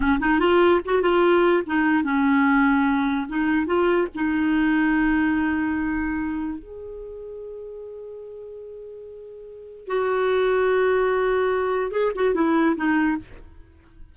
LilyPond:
\new Staff \with { instrumentName = "clarinet" } { \time 4/4 \tempo 4 = 146 cis'8 dis'8 f'4 fis'8 f'4. | dis'4 cis'2. | dis'4 f'4 dis'2~ | dis'1 |
gis'1~ | gis'1 | fis'1~ | fis'4 gis'8 fis'8 e'4 dis'4 | }